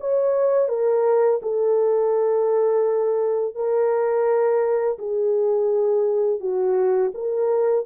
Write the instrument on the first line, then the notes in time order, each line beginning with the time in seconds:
horn
0.00 C#5
0.69 A#4
1.42 A4
3.55 A#4
4.98 G#4
6.41 F#4
7.14 A#4